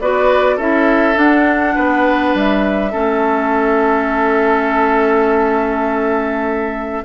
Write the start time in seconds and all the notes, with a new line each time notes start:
0.00 B3 F#4 B4 D5
0.56 C#4 E4 A4 E5
1.14 D4 F#5
1.75 B3 B4
2.34 G3 E5
2.92 A3 C#4 A4